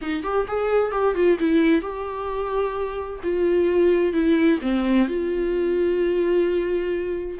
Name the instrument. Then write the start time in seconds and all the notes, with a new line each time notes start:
viola
0.01 D#4
0.23 G4
0.47 G#4
0.91 G4
1.14 F4
1.39 E4
1.81 G4
3.23 F4
4.13 E4
4.61 C4
5.07 F4